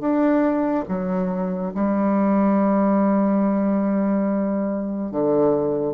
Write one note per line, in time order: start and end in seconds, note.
0.00 0.85 D4
0.89 1.73 F#3
1.74 5.11 G3
5.11 5.94 D3